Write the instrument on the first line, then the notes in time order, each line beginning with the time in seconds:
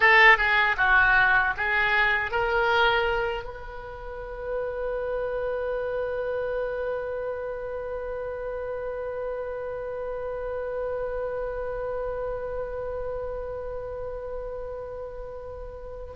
oboe
0.00 A4
0.37 G#4
0.77 F#4
1.57 G#4
2.31 A#4
3.43 B4